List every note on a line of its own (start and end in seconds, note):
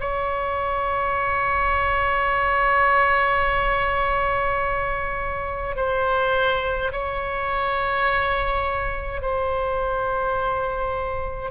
0.00 5.76 C#5
5.76 6.91 C5
6.92 9.22 C#5
9.22 11.50 C5